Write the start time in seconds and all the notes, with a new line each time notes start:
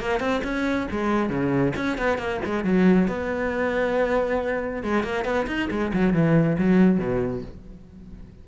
0.00 A#3
0.19 C4
0.43 C#4
0.91 G#3
1.29 C#3
1.76 C#4
1.97 B3
2.18 A#3
2.45 G#3
2.64 F#3
3.07 B3
4.83 G#3
5.03 A#3
5.24 B3
5.47 D#4
5.70 G#3
5.93 F#3
6.13 E3
6.58 F#3
6.98 B2